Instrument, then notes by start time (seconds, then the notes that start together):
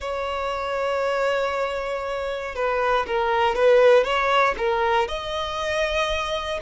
violin
0.00 C#5
2.55 B4
3.06 A#4
3.55 B4
4.04 C#5
4.57 A#4
5.08 D#5